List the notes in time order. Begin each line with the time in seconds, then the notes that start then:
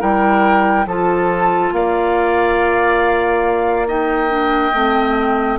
0.00 G3 E4 A#4 G5
0.86 F3 F4 A4 A5
1.73 A#3 D5 F5
3.88 D#4 D#5 G5
4.29 D4
4.74 A3 C4